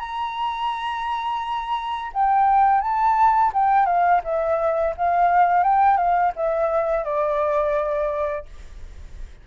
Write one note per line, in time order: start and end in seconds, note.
0.00 2.12 A#5
2.14 2.82 G5
2.82 3.52 A5
3.54 3.86 G5
3.86 4.22 F5
4.24 4.95 E5
4.97 5.64 F5
5.64 5.97 G5
5.97 6.33 F5
6.36 7.05 E5
7.05 8.46 D5